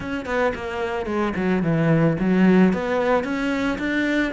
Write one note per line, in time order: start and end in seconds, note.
0.00 0.25 C#4
0.25 0.52 B3
0.54 1.06 A#3
1.06 1.33 G#3
1.36 1.62 F#3
1.62 2.16 E3
2.19 2.73 F#3
2.73 3.24 B3
3.24 3.78 C#4
3.78 4.32 D4